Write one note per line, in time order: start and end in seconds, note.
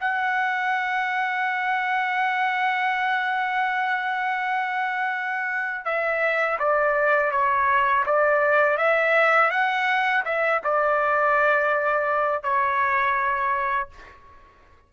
0.00 5.85 F#5
5.85 6.58 E5
6.59 7.31 D5
7.31 8.04 C#5
8.05 8.77 D5
8.77 9.50 E5
9.50 10.23 F#5
10.25 10.61 E5
10.64 12.43 D5
12.43 13.89 C#5